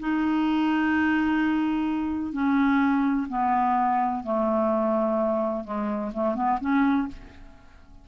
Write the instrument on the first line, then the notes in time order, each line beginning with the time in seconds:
clarinet
0.00 D#4
2.33 C#4
3.29 B3
4.24 A3
5.65 G#3
6.14 A3
6.35 B3
6.61 C#4